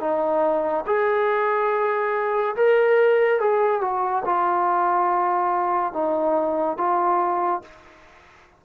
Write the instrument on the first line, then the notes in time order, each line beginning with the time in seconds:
trombone
0.00 D#4
0.86 G#4
2.56 A#4
3.40 G#4
3.81 F#4
4.25 F4
5.93 D#4
6.77 F4